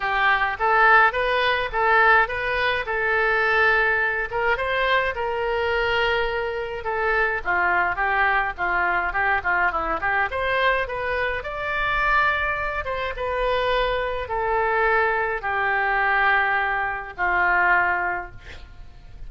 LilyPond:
\new Staff \with { instrumentName = "oboe" } { \time 4/4 \tempo 4 = 105 g'4 a'4 b'4 a'4 | b'4 a'2~ a'8 ais'8 | c''4 ais'2. | a'4 f'4 g'4 f'4 |
g'8 f'8 e'8 g'8 c''4 b'4 | d''2~ d''8 c''8 b'4~ | b'4 a'2 g'4~ | g'2 f'2 | }